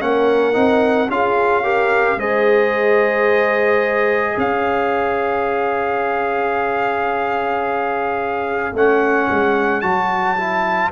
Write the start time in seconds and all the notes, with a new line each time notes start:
0.00 A#3 C#4 A#4 F#5
0.53 C4 D#4
1.07 C#4 F4 G#4 F5
1.63 G4 A#4
2.16 G#3 G#4 C5 D#5
4.37 C#4 C#5 F5
8.73 A3 C#4 F#5
9.30 G#3
9.81 F#3 F#4 A5
10.37 E4